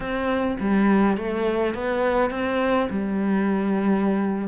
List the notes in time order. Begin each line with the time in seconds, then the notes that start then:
0.00 C4
0.60 G3
1.17 A3
1.74 B3
2.30 C4
2.90 G3